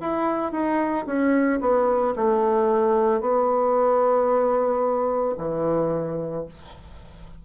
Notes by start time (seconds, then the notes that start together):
0.00 E4
0.52 D#4
1.06 C#4
1.61 B3
2.16 A3
3.20 B3
5.38 E3